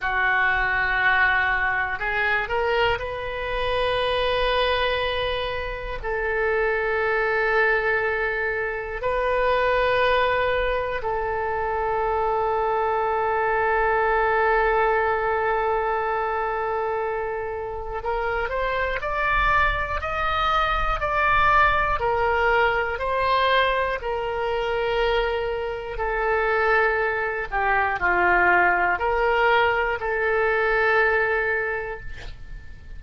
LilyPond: \new Staff \with { instrumentName = "oboe" } { \time 4/4 \tempo 4 = 60 fis'2 gis'8 ais'8 b'4~ | b'2 a'2~ | a'4 b'2 a'4~ | a'1~ |
a'2 ais'8 c''8 d''4 | dis''4 d''4 ais'4 c''4 | ais'2 a'4. g'8 | f'4 ais'4 a'2 | }